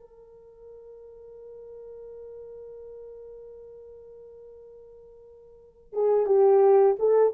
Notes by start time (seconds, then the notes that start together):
0.00 A#4
5.93 G#4
6.26 G4
6.99 A4